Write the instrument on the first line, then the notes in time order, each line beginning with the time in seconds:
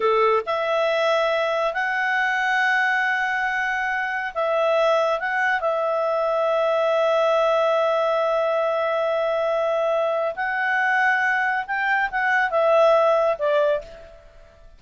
clarinet
0.00 A4
0.46 E5
1.73 F#5
4.34 E5
5.19 F#5
5.60 E5
10.35 F#5
11.66 G5
12.11 F#5
12.50 E5
13.38 D5